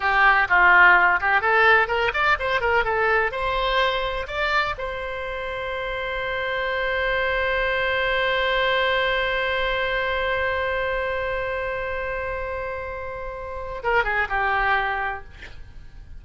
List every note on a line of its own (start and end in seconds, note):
0.00 0.47 G4
0.48 1.20 F4
1.20 1.41 G4
1.41 1.87 A4
1.87 2.11 A#4
2.13 2.37 D5
2.39 2.60 C5
2.60 2.84 A#4
2.84 3.31 A4
3.31 4.27 C5
4.27 4.74 D5
4.78 13.82 C5
13.83 14.04 A#4
14.04 14.27 G#4
14.28 15.24 G4